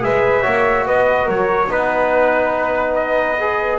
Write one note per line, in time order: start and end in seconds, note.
0.00 0.45 G#3
0.00 0.42 G#4
0.00 0.42 B4
0.00 0.87 E5
0.42 0.88 A#3
0.42 1.67 F#4
0.42 0.84 C#5
0.86 1.28 B3
0.86 1.25 B4
0.86 1.29 D#5
1.25 1.69 F#3
1.25 1.67 A#4
1.25 1.72 C#5
1.69 3.79 B3
1.69 3.37 D#4
1.69 3.79 B4
1.69 2.95 B4
2.95 3.79 D#5
3.40 3.79 G#4